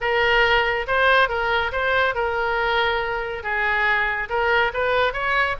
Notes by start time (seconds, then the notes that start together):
0.00 A#4
0.87 C5
1.28 A#4
1.72 C5
2.14 A#4
3.43 G#4
4.29 A#4
4.73 B4
5.13 C#5